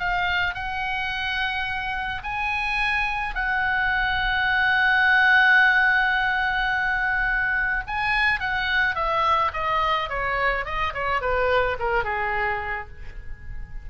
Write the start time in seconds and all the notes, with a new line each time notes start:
0.00 F5
0.55 F#5
2.24 G#5
3.35 F#5
7.87 G#5
8.40 F#5
8.96 E5
9.54 D#5
10.10 C#5
10.66 D#5
10.94 C#5
11.21 B4
11.80 A#4
12.05 G#4